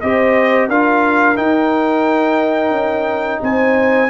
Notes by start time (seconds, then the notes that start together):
0.00 C4 G4 C5 D#5
0.68 D4 F4 A#4 F5
1.35 D#4 G5
2.70 C#4
3.42 C4 C5 G#5